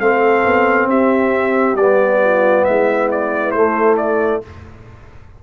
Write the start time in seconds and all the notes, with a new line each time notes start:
0.00 A3 C4 A4 F5
0.45 B3
0.87 C4 G4 E5
1.76 G3 B3 D5
2.24 F4
2.65 G#3 E4 E5
3.11 D5
3.51 A3 C5
3.97 D5